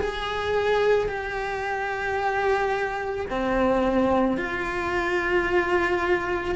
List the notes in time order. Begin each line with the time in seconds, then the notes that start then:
0.00 G#4
1.09 G4
3.30 C4
4.37 F4